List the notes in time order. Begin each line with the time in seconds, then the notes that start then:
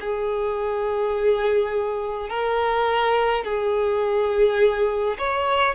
0.00 G#4
2.29 A#4
3.44 G#4
5.18 C#5